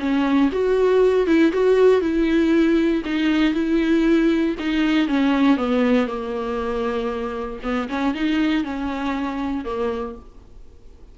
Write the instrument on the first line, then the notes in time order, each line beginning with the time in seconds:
viola
0.00 C#4
0.52 F#4
1.27 E4
1.53 F#4
2.02 E4
3.06 D#4
3.54 E4
4.59 D#4
5.08 C#4
5.58 B3
6.08 A#3
7.63 B3
7.89 C#4
8.15 D#4
8.64 C#4
9.65 A#3